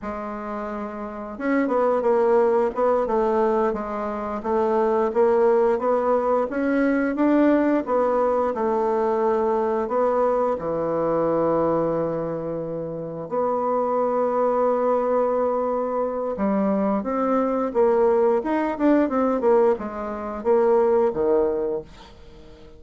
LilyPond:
\new Staff \with { instrumentName = "bassoon" } { \time 4/4 \tempo 4 = 88 gis2 cis'8 b8 ais4 | b8 a4 gis4 a4 ais8~ | ais8 b4 cis'4 d'4 b8~ | b8 a2 b4 e8~ |
e2.~ e8 b8~ | b1 | g4 c'4 ais4 dis'8 d'8 | c'8 ais8 gis4 ais4 dis4 | }